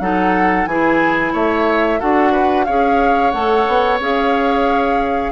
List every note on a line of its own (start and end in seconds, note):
0.00 0.66 F#3
0.00 0.68 D#4
0.00 0.69 A4
0.00 0.66 F#5
0.66 1.33 E3
0.66 2.00 E4
0.66 1.33 G#4
0.66 1.33 G#5
1.33 2.01 A3
1.33 2.00 C#5
1.33 2.01 E5
2.00 2.69 D4
2.00 2.67 F#4
2.00 2.32 A4
2.00 2.65 F#5
2.32 2.66 B4
2.65 3.34 C#4
2.65 3.33 G#4
2.65 5.32 C#5
2.65 3.31 F5
3.31 3.67 A3
3.31 4.00 A4
3.31 3.98 F#5
3.67 4.00 B3
4.00 5.32 C#4
4.00 5.32 G#4
4.00 5.32 F5